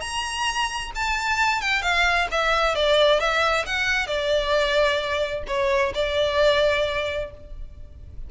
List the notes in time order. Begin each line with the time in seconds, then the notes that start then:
0.00 A#5
0.95 A5
1.61 G5
1.82 F5
2.31 E5
2.75 D5
3.19 E5
3.66 F#5
4.07 D5
5.47 C#5
5.94 D5